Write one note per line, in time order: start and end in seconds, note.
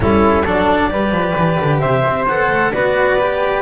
0.00 0.44 G3
0.00 0.43 C#4
0.00 0.44 E4
0.00 0.46 A4
0.44 0.92 F#3
0.44 0.90 D4
0.44 0.89 A4
0.44 1.79 D5
0.90 1.11 G3
0.90 2.27 G4
0.90 1.80 B4
1.11 1.34 F3
1.36 1.59 E3
1.60 1.81 D3
1.79 2.04 C3
1.79 2.71 C5
1.79 2.25 E5
2.06 2.28 C4
2.27 2.49 B3
2.27 2.73 A4
2.27 2.72 F#5
2.49 2.71 A3
2.72 3.61 B3
2.72 3.18 F#4
2.72 3.61 B4
2.72 3.61 D5
3.19 3.61 G4